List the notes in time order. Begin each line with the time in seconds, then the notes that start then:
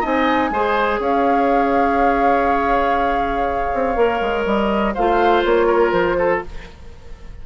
0.00 C4 D#4 D#5 G#5
0.50 G#3 G#4 C5
0.99 C#4 C#5 F5
3.74 C4
3.95 A#3 A#4
4.21 G#3
4.45 G3 D#5
4.94 A3 F4 C5 F5
5.44 A#3 C#5
5.67 A#4
5.91 F3 C5
6.18 A4